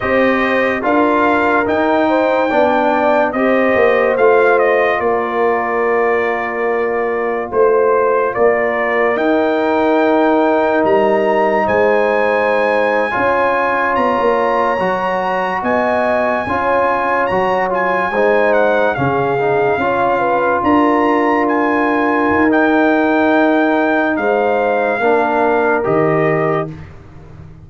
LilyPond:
<<
  \new Staff \with { instrumentName = "trumpet" } { \time 4/4 \tempo 4 = 72 dis''4 f''4 g''2 | dis''4 f''8 dis''8 d''2~ | d''4 c''4 d''4 g''4~ | g''4 ais''4 gis''2~ |
gis''8. ais''2 gis''4~ gis''16~ | gis''8. ais''8 gis''4 fis''8 f''4~ f''16~ | f''8. ais''4 gis''4~ gis''16 g''4~ | g''4 f''2 dis''4 | }
  \new Staff \with { instrumentName = "horn" } { \time 4/4 c''4 ais'4. c''8 d''4 | c''2 ais'2~ | ais'4 c''4 ais'2~ | ais'2 c''4.~ c''16 cis''16~ |
cis''2~ cis''8. dis''4 cis''16~ | cis''4.~ cis''16 c''4 gis'4 cis''16~ | cis''16 b'8 ais'2.~ ais'16~ | ais'4 c''4 ais'2 | }
  \new Staff \with { instrumentName = "trombone" } { \time 4/4 g'4 f'4 dis'4 d'4 | g'4 f'2.~ | f'2. dis'4~ | dis'2.~ dis'8. f'16~ |
f'4.~ f'16 fis'2 f'16~ | f'8. fis'8 f'8 dis'4 cis'8 dis'8 f'16~ | f'2. dis'4~ | dis'2 d'4 g'4 | }
  \new Staff \with { instrumentName = "tuba" } { \time 4/4 c'4 d'4 dis'4 b4 | c'8 ais8 a4 ais2~ | ais4 a4 ais4 dis'4~ | dis'4 g4 gis4.~ gis16 cis'16~ |
cis'8. b16 ais8. fis4 b4 cis'16~ | cis'8. fis4 gis4 cis4 cis'16~ | cis'8. d'2 dis'4~ dis'16~ | dis'4 gis4 ais4 dis4 | }
>>